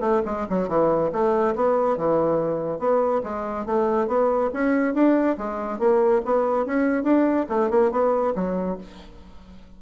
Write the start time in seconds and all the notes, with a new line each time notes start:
0.00 A3
0.25 G#3
0.49 F#3
0.68 E3
1.12 A3
1.55 B3
1.97 E3
2.79 B3
3.23 G#3
3.65 A3
4.07 B3
4.53 C#4
4.94 D4
5.38 G#3
5.79 A#3
6.25 B3
6.65 C#4
7.03 D4
7.49 A3
7.70 A#3
7.91 B3
8.35 F#3